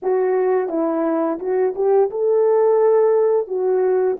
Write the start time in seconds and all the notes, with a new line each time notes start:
0.02 F#4
0.68 E4
1.39 F#4
1.75 G4
2.10 A4
3.47 F#4